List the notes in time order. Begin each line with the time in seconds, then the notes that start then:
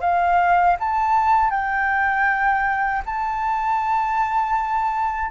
0.00 F5
0.80 A5
1.50 G5
3.06 A5